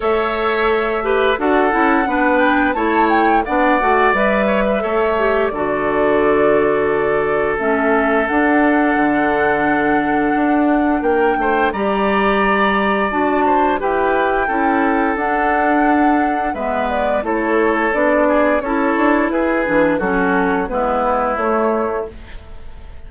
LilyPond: <<
  \new Staff \with { instrumentName = "flute" } { \time 4/4 \tempo 4 = 87 e''2 fis''4. g''8 | a''8 g''8 fis''4 e''2 | d''2. e''4 | fis''1 |
g''4 ais''2 a''4 | g''2 fis''2 | e''8 d''8 cis''4 d''4 cis''4 | b'4 a'4 b'4 cis''4 | }
  \new Staff \with { instrumentName = "oboe" } { \time 4/4 cis''4. b'8 a'4 b'4 | cis''4 d''4. cis''16 b'16 cis''4 | a'1~ | a'1 |
ais'8 c''8 d''2~ d''8 c''8 | b'4 a'2. | b'4 a'4. gis'8 a'4 | gis'4 fis'4 e'2 | }
  \new Staff \with { instrumentName = "clarinet" } { \time 4/4 a'4. g'8 fis'8 e'8 d'4 | e'4 d'8 fis'8 b'4 a'8 g'8 | fis'2. cis'4 | d'1~ |
d'4 g'2 fis'4 | g'4 e'4 d'2 | b4 e'4 d'4 e'4~ | e'8 d'8 cis'4 b4 a4 | }
  \new Staff \with { instrumentName = "bassoon" } { \time 4/4 a2 d'8 cis'8 b4 | a4 b8 a8 g4 a4 | d2. a4 | d'4 d2 d'4 |
ais8 a8 g2 d'4 | e'4 cis'4 d'2 | gis4 a4 b4 cis'8 d'8 | e'8 e8 fis4 gis4 a4 | }
>>